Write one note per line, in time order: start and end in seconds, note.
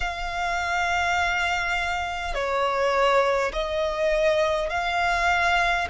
0.00 2.34 F5
2.34 3.52 C#5
3.52 4.70 D#5
4.70 5.87 F5